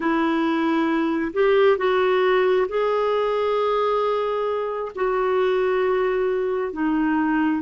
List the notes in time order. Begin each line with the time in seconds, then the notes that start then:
0.00 E4
1.33 G4
1.77 F#4
2.68 G#4
4.95 F#4
6.72 D#4